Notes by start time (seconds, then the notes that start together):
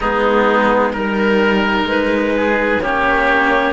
0.00 G#3 B3 D#4 G#4
0.92 G3 D#4 A#4
1.83 G#3 B4
2.36 G#4
2.81 A#3 C#4 G4 C#5